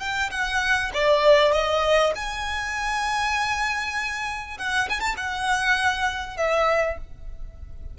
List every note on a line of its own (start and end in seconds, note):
0.00 0.30 G5
0.31 0.91 F#5
0.94 1.52 D5
1.52 2.13 D#5
2.15 4.58 G#5
4.58 4.88 F#5
4.90 5.00 G#5
5.00 5.15 A5
5.17 6.37 F#5
6.37 6.98 E5